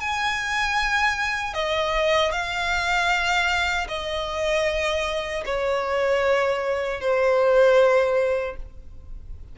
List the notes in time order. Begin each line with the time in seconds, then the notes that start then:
0.00 G#5
1.54 D#5
2.32 F5
3.88 D#5
5.45 C#5
7.00 C5